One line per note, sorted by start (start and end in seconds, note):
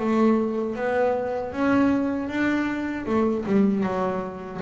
0.00 0.76 A3
0.76 1.53 B3
1.53 2.29 C#4
2.29 3.06 D4
3.07 3.45 A3
3.46 3.84 G3
3.84 4.61 F#3